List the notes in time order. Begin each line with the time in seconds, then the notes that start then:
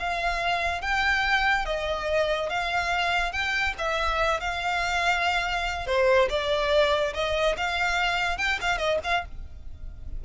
0.00 F5
0.82 G5
1.66 D#5
2.50 F5
3.32 G5
3.79 E5
4.41 F5
5.87 C5
6.30 D5
7.14 D#5
7.57 F5
8.38 G5
8.61 F5
8.78 D#5
9.04 F5